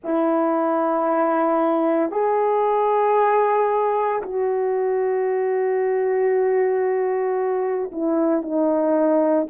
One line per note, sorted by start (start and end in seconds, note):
0.03 2.11 E4
2.11 4.21 G#4
4.22 7.90 F#4
7.91 8.42 E4
8.42 9.47 D#4